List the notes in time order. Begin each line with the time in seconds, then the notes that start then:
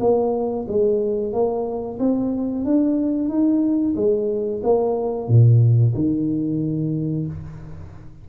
0.00 A#3
0.68 G#3
1.32 A#3
1.99 C4
2.65 D4
3.29 D#4
3.96 G#3
4.63 A#3
5.28 A#2
5.95 D#3